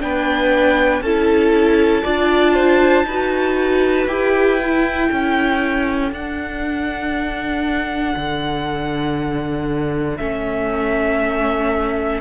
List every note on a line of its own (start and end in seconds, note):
0.00 1.01 B3
0.00 1.02 D4
0.00 1.03 B4
0.00 1.02 G5
1.01 2.03 C#4
1.01 2.04 E4
1.01 2.04 A4
1.01 4.07 A5
2.04 3.04 D4
2.04 3.06 F4
2.04 2.54 D5
2.54 3.05 C5
3.04 4.06 D#4
3.04 4.09 F#4
3.04 5.08 B4
4.07 5.08 E4
4.07 4.60 G4
4.07 6.11 G5
4.61 6.12 E4
5.08 6.11 C#4
5.08 12.19 A4
6.11 8.15 D4
6.11 10.19 D4
6.11 10.17 F#5
8.16 10.19 D3
10.17 12.21 A3
10.17 12.21 C#4
10.17 12.20 E5